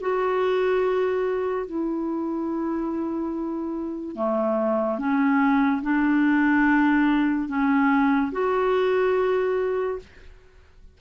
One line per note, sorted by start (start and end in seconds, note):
0.00 1.66 F#4
1.66 4.16 E4
4.16 4.98 A3
4.98 5.81 C#4
5.82 7.48 D4
7.48 8.31 C#4
8.32 9.98 F#4